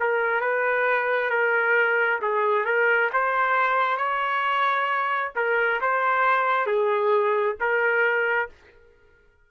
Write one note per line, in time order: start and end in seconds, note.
0.00 0.41 A#4
0.41 1.30 B4
1.30 2.20 A#4
2.22 2.65 G#4
2.65 3.10 A#4
3.13 3.98 C5
3.98 5.32 C#5
5.36 5.81 A#4
5.81 6.67 C5
6.67 7.56 G#4
7.60 8.50 A#4